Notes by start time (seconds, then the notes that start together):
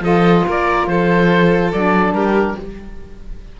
0.00 F3 F4 A4 D#5
0.46 A#3 A#4 D5
0.87 F3 A4 C5
1.72 F#3 D4 D5
2.12 G3 G4 A#4